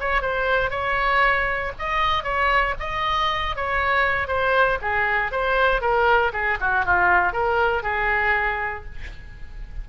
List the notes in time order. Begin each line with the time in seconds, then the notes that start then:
0.00 C#5
0.22 C5
0.70 C#5
1.79 D#5
2.24 C#5
2.80 D#5
3.56 C#5
4.28 C5
4.81 G#4
5.32 C5
5.81 A#4
6.33 G#4
6.60 F#4
6.85 F4
7.33 A#4
7.83 G#4